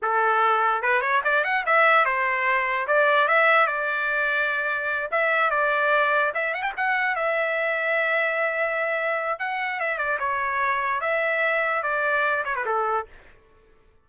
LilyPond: \new Staff \with { instrumentName = "trumpet" } { \time 4/4 \tempo 4 = 147 a'2 b'8 cis''8 d''8 fis''8 | e''4 c''2 d''4 | e''4 d''2.~ | d''8 e''4 d''2 e''8 |
fis''16 g''16 fis''4 e''2~ e''8~ | e''2. fis''4 | e''8 d''8 cis''2 e''4~ | e''4 d''4. cis''16 b'16 a'4 | }